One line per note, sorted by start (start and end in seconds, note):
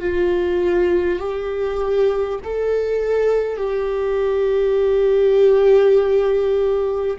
0.00 1.19 F4
1.19 2.39 G4
2.44 3.57 A4
3.57 7.17 G4